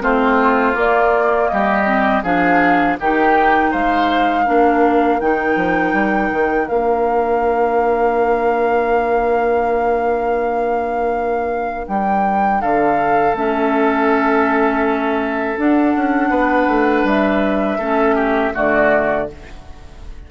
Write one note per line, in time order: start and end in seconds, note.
0.00 0.75 A3
0.00 0.73 C4
0.00 1.50 F4
0.00 0.76 C5
0.73 1.84 A#3
0.73 1.49 A#3
0.73 1.48 D5
1.48 2.23 G3
1.48 2.23 G4
1.48 2.22 D#5
1.86 2.23 C4
2.23 2.97 F3
2.23 2.98 D4
2.23 2.97 G#4
2.23 2.97 F5
3.00 3.73 D#3
3.00 4.45 D#4
3.00 3.71 G4
3.00 3.72 G5
3.71 4.47 G#3
3.71 4.44 C5
3.71 5.20 F5
4.44 5.20 A#3
4.44 5.19 D4
4.44 12.59 A#4
5.20 5.56 D#3
5.20 6.66 D#4
5.20 6.68 G5
5.56 5.93 F3
5.93 6.30 G3
6.32 6.69 D#3
6.66 11.87 A#3
6.66 13.32 D4
6.66 11.86 F5
11.87 12.62 G3
11.87 12.61 G5
12.61 13.34 D3
12.61 16.30 A4
12.61 13.35 F5
13.34 15.56 A3
13.34 15.57 C#4
13.34 15.59 E5
15.57 17.79 D4
15.57 15.95 D4
15.57 17.07 F#5
15.95 16.30 C#4
16.30 16.67 B3
16.30 17.78 B4
16.67 17.03 A3
17.03 17.77 G3
17.03 18.55 E5
17.78 18.52 A3
17.78 18.53 C#4
17.78 18.15 A4
18.15 18.52 G4
18.53 19.30 D3
18.53 19.27 A3
18.53 19.28 F#4
18.53 19.30 D5